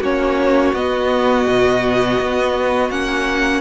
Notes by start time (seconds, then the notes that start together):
0.00 A#3 C#4 F#4 C#5
0.73 B3 D#5
1.47 B2
2.20 B3
2.90 A#3 C#4 F#5